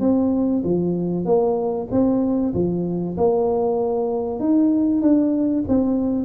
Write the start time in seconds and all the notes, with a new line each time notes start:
0.00 C4
0.64 F3
1.25 A#3
1.91 C4
2.54 F3
3.17 A#3
4.39 D#4
5.01 D4
5.68 C4